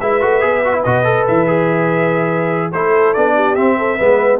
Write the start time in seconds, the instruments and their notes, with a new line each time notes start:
0.00 tuba G#3, trombone E4, horn B4, trumpet E5
0.21 tuba A3, trombone F#4
0.40 tuba B3, trombone G#4
0.64 trombone F#4
0.73 trombone E4
0.83 tuba B2, trombone F#4, trumpet D#5
1.04 trombone A4
1.27 tuba E3, trumpet E5
1.46 trombone G#4
2.72 tuba A3, trombone E4, horn A4, trumpet C5
3.13 tuba B3, trombone D4, trumpet D5
3.35 horn G4
3.55 trombone C4, tuba C4, trumpet E5
3.78 horn A4
3.97 tuba G#3, trombone B3, horn B4